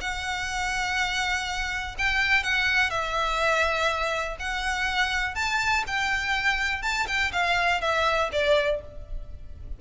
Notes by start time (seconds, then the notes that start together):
0.00 F#5
1.98 G5
2.43 F#5
2.90 E5
4.39 F#5
5.35 A5
5.86 G5
6.82 A5
7.07 G5
7.32 F5
7.81 E5
8.32 D5